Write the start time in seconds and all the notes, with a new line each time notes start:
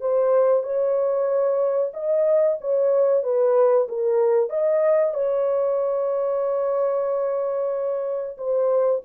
0.00 C5
0.63 C#5
1.94 D#5
2.61 C#5
3.23 B4
3.88 A#4
4.50 D#5
5.14 C#5
8.38 C5